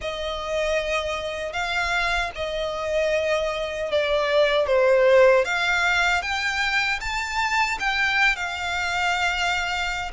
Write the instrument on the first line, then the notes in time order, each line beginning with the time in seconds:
violin
0.01 D#5
1.53 F5
2.35 D#5
3.91 D5
4.66 C5
5.44 F5
6.21 G5
7.00 A5
7.79 G5
8.36 F5